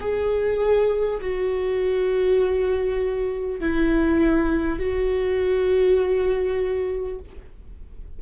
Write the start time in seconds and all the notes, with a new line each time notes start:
0.00 G#4
1.21 F#4
3.61 E4
4.79 F#4